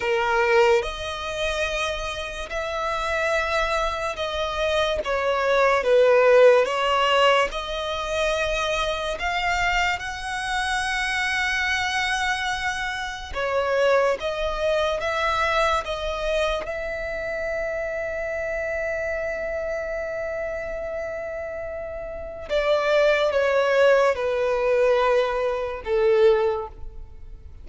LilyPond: \new Staff \with { instrumentName = "violin" } { \time 4/4 \tempo 4 = 72 ais'4 dis''2 e''4~ | e''4 dis''4 cis''4 b'4 | cis''4 dis''2 f''4 | fis''1 |
cis''4 dis''4 e''4 dis''4 | e''1~ | e''2. d''4 | cis''4 b'2 a'4 | }